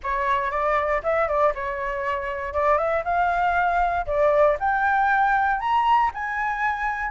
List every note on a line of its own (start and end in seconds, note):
0.03 0.50 C#5
0.50 1.01 D5
1.03 1.28 E5
1.28 1.53 D5
1.54 2.53 C#5
2.53 2.77 D5
2.77 3.03 E5
3.04 4.05 F5
4.06 4.57 D5
4.59 5.59 G5
5.59 6.10 A#5
6.14 7.11 G#5